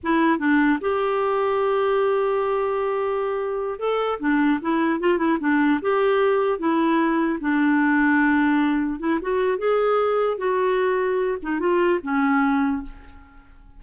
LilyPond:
\new Staff \with { instrumentName = "clarinet" } { \time 4/4 \tempo 4 = 150 e'4 d'4 g'2~ | g'1~ | g'4. a'4 d'4 e'8~ | e'8 f'8 e'8 d'4 g'4.~ |
g'8 e'2 d'4.~ | d'2~ d'8 e'8 fis'4 | gis'2 fis'2~ | fis'8 dis'8 f'4 cis'2 | }